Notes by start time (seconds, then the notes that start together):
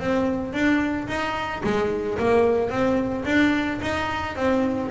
0.00 C4
0.53 D4
1.08 D#4
1.64 G#3
2.19 A#3
2.70 C4
3.25 D4
3.82 D#4
4.36 C4